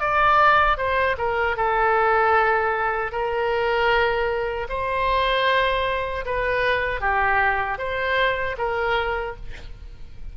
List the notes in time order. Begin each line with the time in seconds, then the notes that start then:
0.00 D5
0.78 C5
1.18 A#4
1.57 A4
3.12 A#4
4.69 C5
6.26 B4
7.01 G4
7.79 C5
8.58 A#4